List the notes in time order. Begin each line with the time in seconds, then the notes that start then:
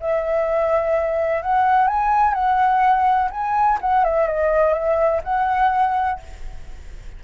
0.00 E5
1.42 F#5
1.87 G#5
2.33 F#5
3.30 G#5
3.81 F#5
4.04 E5
4.27 D#5
4.73 E5
5.24 F#5